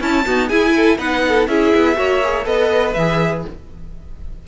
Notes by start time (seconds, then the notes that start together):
0.00 C#4 E4 A5
0.26 B3 D#4 F#4
0.48 E4 G#4 G#5
0.76 A4
0.97 B3 D#4 B4 F#5
1.28 A4
1.48 C#4 E4 G#4 E5
1.75 B3
1.96 A#3 F#4 C#5
2.24 G#4
2.44 B3 A4 B4 D#5
2.94 E3 G#4 E5